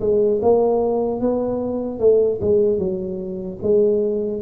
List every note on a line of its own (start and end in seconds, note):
0.00 0.40 G#3
0.42 1.20 A#3
1.20 1.99 B3
1.99 2.39 A3
2.41 2.78 G#3
2.78 3.58 F#3
3.62 4.42 G#3